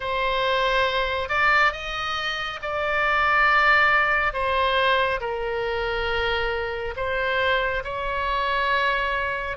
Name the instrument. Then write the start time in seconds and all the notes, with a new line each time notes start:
oboe
0.00 C5
1.28 D5
1.72 D#5
2.62 D5
4.33 C5
5.20 A#4
6.96 C5
7.84 C#5